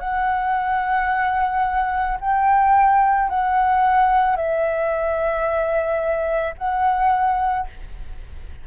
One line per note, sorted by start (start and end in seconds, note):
0.00 2.18 F#5
2.21 3.30 G5
3.30 4.36 F#5
4.36 6.55 E5
6.58 7.68 F#5